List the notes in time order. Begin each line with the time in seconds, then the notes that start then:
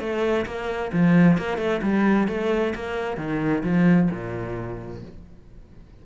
0.00 A3
0.46 A#3
0.93 F3
1.38 A#3
1.58 A3
1.82 G3
2.28 A3
2.75 A#3
3.17 D#3
3.64 F3
4.11 A#2